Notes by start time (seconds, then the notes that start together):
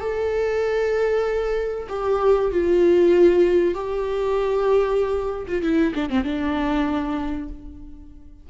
0.00 A4
1.89 G4
2.51 F4
3.74 G4
5.47 F4
5.62 E4
5.95 D4
6.10 C4
6.24 D4